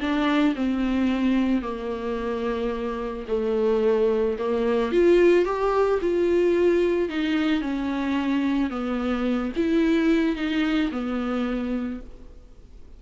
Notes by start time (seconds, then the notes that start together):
0.00 D4
0.55 C4
1.62 A#3
3.28 A3
4.39 A#3
4.92 F4
5.45 G4
6.01 F4
7.09 D#4
7.61 C#4
8.70 B3
9.56 E4
10.36 D#4
10.91 B3